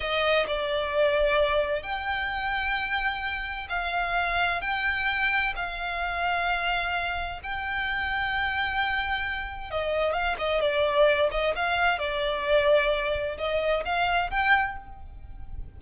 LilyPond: \new Staff \with { instrumentName = "violin" } { \time 4/4 \tempo 4 = 130 dis''4 d''2. | g''1 | f''2 g''2 | f''1 |
g''1~ | g''4 dis''4 f''8 dis''8 d''4~ | d''8 dis''8 f''4 d''2~ | d''4 dis''4 f''4 g''4 | }